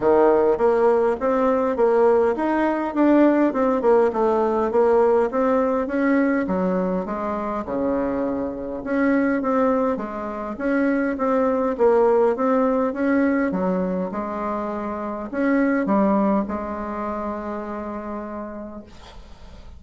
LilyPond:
\new Staff \with { instrumentName = "bassoon" } { \time 4/4 \tempo 4 = 102 dis4 ais4 c'4 ais4 | dis'4 d'4 c'8 ais8 a4 | ais4 c'4 cis'4 fis4 | gis4 cis2 cis'4 |
c'4 gis4 cis'4 c'4 | ais4 c'4 cis'4 fis4 | gis2 cis'4 g4 | gis1 | }